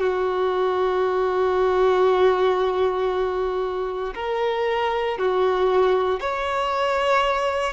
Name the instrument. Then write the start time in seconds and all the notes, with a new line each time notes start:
violin
0.00 F#4
4.15 A#4
5.18 F#4
6.21 C#5